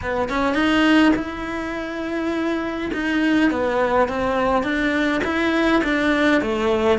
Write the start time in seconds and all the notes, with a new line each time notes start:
0.02 B3
0.29 C#4
0.54 D#4
1.16 E4
2.93 D#4
3.50 B3
4.08 C4
4.63 D4
5.24 E4
5.83 D4
6.41 A3